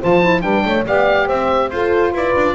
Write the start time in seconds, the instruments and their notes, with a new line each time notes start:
0.00 double bass F3, saxophone F4, horn C5, oboe A5
0.21 saxophone E4
0.41 double bass G3, saxophone D4, horn B4, oboe G5
0.65 double bass A3, horn C#5
0.86 double bass B3, saxophone G4, horn D5, oboe F5
1.27 double bass C4, horn C5, oboe E5
1.70 double bass F4, saxophone F4, horn A4, oboe C5
2.13 double bass E4, horn B4, oboe D5
2.35 double bass D4